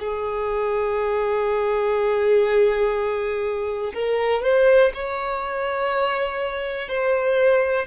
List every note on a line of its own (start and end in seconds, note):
0.00 3.93 G#4
3.94 4.43 A#4
4.43 4.92 C5
4.94 6.89 C#5
6.89 7.87 C5